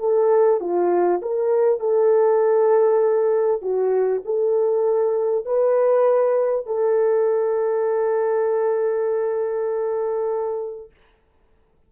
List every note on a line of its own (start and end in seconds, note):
0.00 0.61 A4
0.61 1.21 F4
1.22 1.80 A#4
1.80 3.62 A4
3.62 4.23 F#4
4.26 5.46 A4
5.46 6.67 B4
6.67 10.91 A4